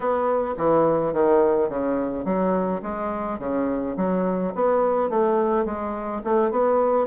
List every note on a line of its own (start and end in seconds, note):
0.00 0.54 B3
0.57 1.13 E3
1.13 1.69 D#3
1.69 2.24 C#3
2.24 2.81 F#3
2.82 3.38 G#3
3.38 3.95 C#3
3.96 4.53 F#3
4.54 5.09 B3
5.09 5.65 A3
5.65 6.21 G#3
6.24 6.51 A3
6.51 7.07 B3